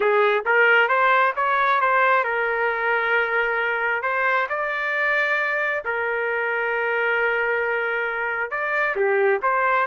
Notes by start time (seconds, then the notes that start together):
0.00 G#4
0.45 A#4
0.88 C5
1.36 C#5
1.81 C5
2.24 A#4
4.02 C5
4.49 D5
5.84 A#4
8.51 D5
8.96 G4
9.42 C5